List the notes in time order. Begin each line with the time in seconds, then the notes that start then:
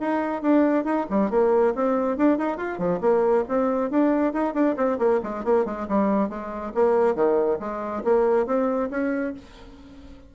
0.00 D#4
0.42 D4
0.84 D#4
1.10 G3
1.30 A#3
1.75 C4
2.17 D4
2.38 D#4
2.57 F4
2.78 F3
3.01 A#3
3.48 C4
3.90 D4
4.33 D#4
4.54 D4
4.76 C4
4.99 A#3
5.23 G#3
5.44 A#3
5.65 G#3
5.88 G3
6.29 G#3
6.74 A#3
7.15 D#3
7.60 G#3
8.04 A#3
8.46 C4
8.91 C#4